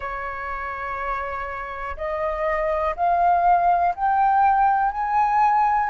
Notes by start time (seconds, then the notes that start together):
0.00 C#5
1.97 D#5
2.96 F5
3.95 G5
4.91 G#5